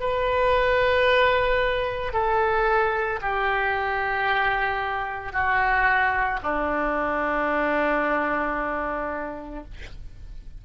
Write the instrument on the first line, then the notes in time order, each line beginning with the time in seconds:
oboe
0.00 B4
2.13 A4
3.22 G4
5.33 F#4
6.43 D4